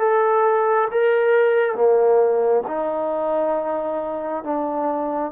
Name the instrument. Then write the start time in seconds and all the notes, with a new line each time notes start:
trombone
0.00 A4
0.91 A#4
1.75 A#3
2.67 D#4
4.44 D4